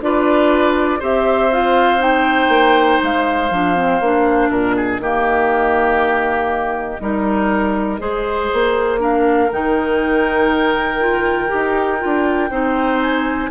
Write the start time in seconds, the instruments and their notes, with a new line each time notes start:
0.00 bassoon D4, clarinet F4, oboe B4, flute D5
0.99 bassoon C4, clarinet G4, oboe C5, flute E5
1.52 clarinet F4, flute F5
1.99 clarinet D#4, flute G5
2.48 bassoon A#3
3.02 bassoon G#3, flute F5
3.50 bassoon F3, clarinet D4
3.75 clarinet C4
4.00 bassoon A#3, clarinet D4
4.50 bassoon A#2, oboe A#4, flute D#5
4.76 oboe G#4
4.99 bassoon D#3, clarinet A#3, oboe G4
7.00 bassoon G3, clarinet D#4, oboe A#4
7.99 bassoon G#3, clarinet G#4, oboe C5
8.53 bassoon A#3
8.98 clarinet D4, oboe A#4, flute F5
9.52 bassoon D#3, clarinet D#4, flute G5
11.00 clarinet F4
11.48 bassoon D#4, clarinet G4
11.99 bassoon D4, clarinet F4
12.50 bassoon C4, clarinet D#4, oboe C5
13.01 flute G#5